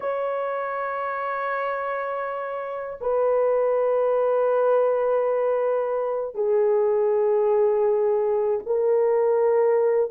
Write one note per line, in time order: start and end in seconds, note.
0.00 2.99 C#5
3.00 6.34 B4
6.34 8.59 G#4
8.66 10.10 A#4